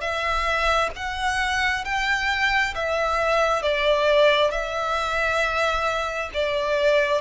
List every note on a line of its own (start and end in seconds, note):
0.00 0.90 E5
0.96 1.84 F#5
1.84 2.74 G5
2.74 3.62 E5
3.62 4.51 D5
4.51 6.30 E5
6.33 7.21 D5